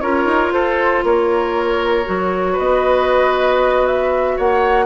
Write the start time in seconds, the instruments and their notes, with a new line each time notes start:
0.00 bassoon C#4, clarinet F4, oboe A#4, flute C#5
0.25 bassoon D#4
0.50 bassoon F4, oboe A4, flute C5
1.04 bassoon A#3, oboe A#4, flute C#5
2.04 bassoon F#3, clarinet F#4
2.52 oboe B4, flute D#5
2.59 bassoon B3
3.86 flute E5
4.37 bassoon A#3, oboe C#5, flute F#5